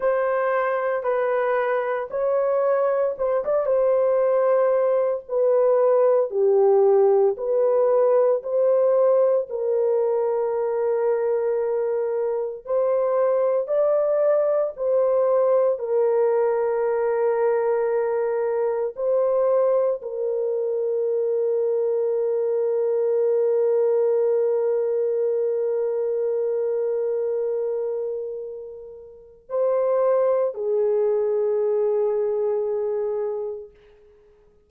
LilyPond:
\new Staff \with { instrumentName = "horn" } { \time 4/4 \tempo 4 = 57 c''4 b'4 cis''4 c''16 d''16 c''8~ | c''4 b'4 g'4 b'4 | c''4 ais'2. | c''4 d''4 c''4 ais'4~ |
ais'2 c''4 ais'4~ | ais'1~ | ais'1 | c''4 gis'2. | }